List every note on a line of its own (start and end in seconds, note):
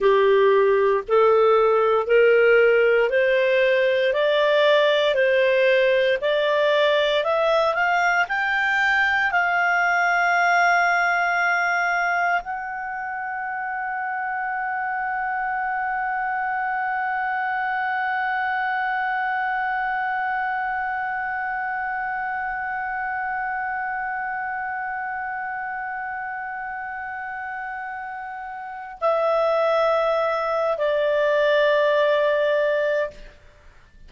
0.00 1.03 G4
1.08 2.06 A4
2.06 3.09 A#4
3.09 4.13 C5
4.13 5.14 D5
5.14 6.18 C5
6.21 7.24 D5
7.24 7.74 E5
7.74 8.26 F5
8.28 9.31 G5
9.31 12.41 F5
12.43 28.98 F#5
29.00 30.77 E5
30.77 33.10 D5